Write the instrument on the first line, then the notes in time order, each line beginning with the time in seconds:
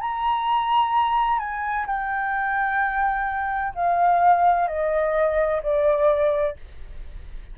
flute
0.00 A#5
1.38 G#5
1.86 G5
3.75 F5
4.67 D#5
5.62 D5